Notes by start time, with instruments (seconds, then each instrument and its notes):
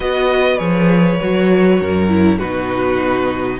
0.00 cello B3, viola F#4, violin B4 D#5
0.58 cello F3, viola G#4, violin C#5
1.20 cello F#3, viola F#4
1.80 cello F#2, violin A#4
2.08 viola E4
2.38 cello B2, viola D#4, violin F#4 B4